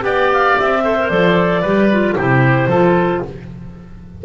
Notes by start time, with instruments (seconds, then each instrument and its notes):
0.00 double bass B3, clarinet G4 G5, oboe D5
0.33 clarinet F5
0.59 double bass C4, clarinet E5
0.83 clarinet A4, oboe C5
0.99 clarinet A#4
1.09 double bass F3, clarinet A4 D5
1.62 double bass G3, clarinet G4, oboe B4
1.92 clarinet F4
2.17 double bass C3, clarinet E4 C5, oboe G4
2.67 double bass F3, clarinet F4, oboe A4